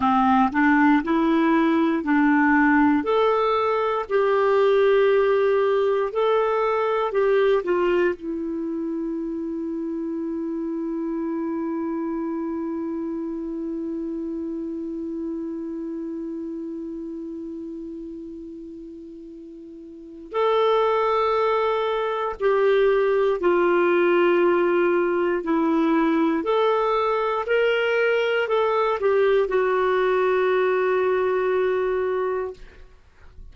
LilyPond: \new Staff \with { instrumentName = "clarinet" } { \time 4/4 \tempo 4 = 59 c'8 d'8 e'4 d'4 a'4 | g'2 a'4 g'8 f'8 | e'1~ | e'1~ |
e'1 | a'2 g'4 f'4~ | f'4 e'4 a'4 ais'4 | a'8 g'8 fis'2. | }